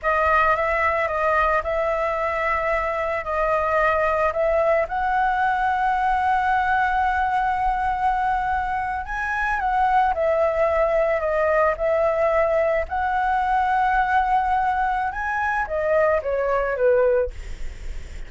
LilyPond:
\new Staff \with { instrumentName = "flute" } { \time 4/4 \tempo 4 = 111 dis''4 e''4 dis''4 e''4~ | e''2 dis''2 | e''4 fis''2.~ | fis''1~ |
fis''8. gis''4 fis''4 e''4~ e''16~ | e''8. dis''4 e''2 fis''16~ | fis''1 | gis''4 dis''4 cis''4 b'4 | }